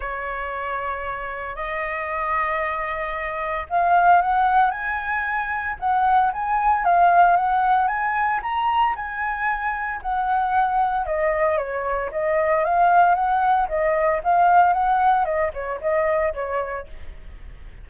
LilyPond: \new Staff \with { instrumentName = "flute" } { \time 4/4 \tempo 4 = 114 cis''2. dis''4~ | dis''2. f''4 | fis''4 gis''2 fis''4 | gis''4 f''4 fis''4 gis''4 |
ais''4 gis''2 fis''4~ | fis''4 dis''4 cis''4 dis''4 | f''4 fis''4 dis''4 f''4 | fis''4 dis''8 cis''8 dis''4 cis''4 | }